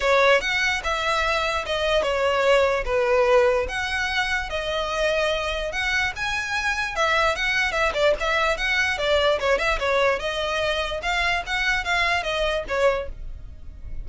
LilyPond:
\new Staff \with { instrumentName = "violin" } { \time 4/4 \tempo 4 = 147 cis''4 fis''4 e''2 | dis''4 cis''2 b'4~ | b'4 fis''2 dis''4~ | dis''2 fis''4 gis''4~ |
gis''4 e''4 fis''4 e''8 d''8 | e''4 fis''4 d''4 cis''8 e''8 | cis''4 dis''2 f''4 | fis''4 f''4 dis''4 cis''4 | }